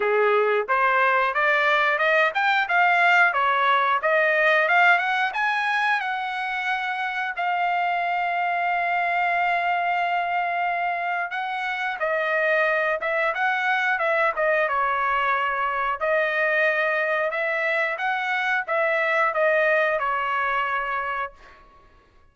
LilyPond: \new Staff \with { instrumentName = "trumpet" } { \time 4/4 \tempo 4 = 90 gis'4 c''4 d''4 dis''8 g''8 | f''4 cis''4 dis''4 f''8 fis''8 | gis''4 fis''2 f''4~ | f''1~ |
f''4 fis''4 dis''4. e''8 | fis''4 e''8 dis''8 cis''2 | dis''2 e''4 fis''4 | e''4 dis''4 cis''2 | }